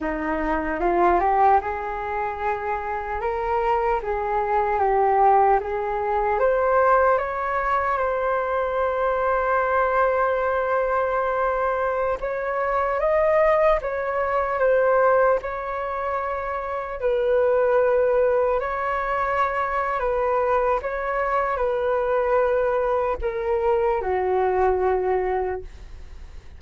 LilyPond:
\new Staff \with { instrumentName = "flute" } { \time 4/4 \tempo 4 = 75 dis'4 f'8 g'8 gis'2 | ais'4 gis'4 g'4 gis'4 | c''4 cis''4 c''2~ | c''2.~ c''16 cis''8.~ |
cis''16 dis''4 cis''4 c''4 cis''8.~ | cis''4~ cis''16 b'2 cis''8.~ | cis''4 b'4 cis''4 b'4~ | b'4 ais'4 fis'2 | }